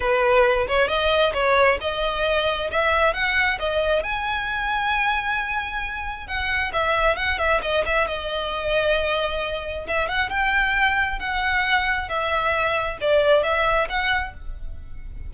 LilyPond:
\new Staff \with { instrumentName = "violin" } { \time 4/4 \tempo 4 = 134 b'4. cis''8 dis''4 cis''4 | dis''2 e''4 fis''4 | dis''4 gis''2.~ | gis''2 fis''4 e''4 |
fis''8 e''8 dis''8 e''8 dis''2~ | dis''2 e''8 fis''8 g''4~ | g''4 fis''2 e''4~ | e''4 d''4 e''4 fis''4 | }